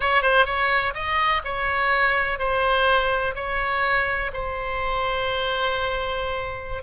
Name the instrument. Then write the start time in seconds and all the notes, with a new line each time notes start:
oboe
0.00 C#5
0.22 C5
0.45 C#5
0.94 D#5
1.44 C#5
2.38 C5
3.35 C#5
4.33 C5